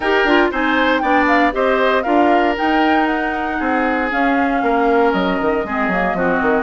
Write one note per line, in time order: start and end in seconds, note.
0.00 0.24 D#4
0.00 0.27 G4
0.00 0.50 A#4
0.00 0.49 G5
0.24 0.50 D4
0.24 0.51 F4
0.51 1.02 C4
0.51 1.02 D#4
0.51 1.01 C5
0.51 0.99 G#5
0.99 1.53 B3
0.99 1.52 D4
0.99 1.53 D5
0.99 1.24 G5
1.27 1.53 F5
1.52 2.05 C4
1.52 2.03 G4
1.52 2.03 C5
1.52 2.02 D#5
2.02 2.56 D4
2.02 2.55 F4
2.02 3.57 A#4
2.02 2.54 F5
2.56 4.10 D#4
2.56 3.60 D#4
2.56 3.06 G5
3.06 4.08 F#5
3.58 4.11 C4
3.58 4.61 G#4
4.10 5.64 C#4
4.10 4.62 C#4
4.10 5.12 F5
4.62 5.13 A#3
4.62 5.66 A#4
5.12 5.39 F#3
5.12 6.63 D#5
5.40 5.64 D#3
5.64 5.87 G#3
5.64 5.91 C4
5.64 6.17 G#4
5.87 6.13 F#3
5.87 6.17 A#3
6.14 6.39 F3
6.14 6.63 C4
6.14 6.63 F#4
6.41 6.63 D#3